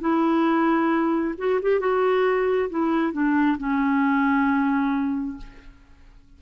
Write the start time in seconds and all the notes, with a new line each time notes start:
0.00 E4
1.38 F#4
1.62 G4
1.80 F#4
2.69 E4
3.13 D4
3.58 C#4